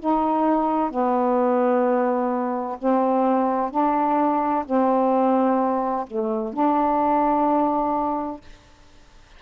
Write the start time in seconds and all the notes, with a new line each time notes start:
0.00 D#4
0.90 B3
2.78 C4
3.70 D4
4.65 C4
6.07 A3
6.53 D4